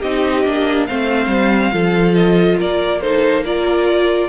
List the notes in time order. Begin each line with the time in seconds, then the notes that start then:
0.00 C4 D#4 G4 D#5
0.45 A#3 D4
0.86 A3 C4 C5 F5
1.27 G3
1.72 F3 F4 A4
2.15 D#5
2.57 A#3 A#4 D5
3.01 D#4 A4 C5
3.45 F4 A#4 D5